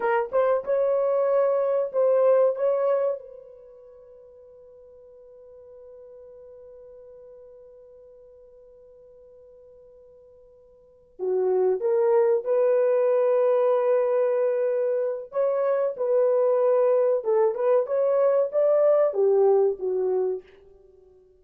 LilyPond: \new Staff \with { instrumentName = "horn" } { \time 4/4 \tempo 4 = 94 ais'8 c''8 cis''2 c''4 | cis''4 b'2.~ | b'1~ | b'1~ |
b'4. fis'4 ais'4 b'8~ | b'1 | cis''4 b'2 a'8 b'8 | cis''4 d''4 g'4 fis'4 | }